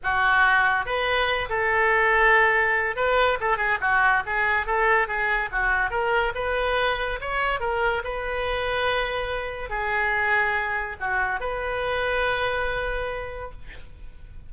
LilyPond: \new Staff \with { instrumentName = "oboe" } { \time 4/4 \tempo 4 = 142 fis'2 b'4. a'8~ | a'2. b'4 | a'8 gis'8 fis'4 gis'4 a'4 | gis'4 fis'4 ais'4 b'4~ |
b'4 cis''4 ais'4 b'4~ | b'2. gis'4~ | gis'2 fis'4 b'4~ | b'1 | }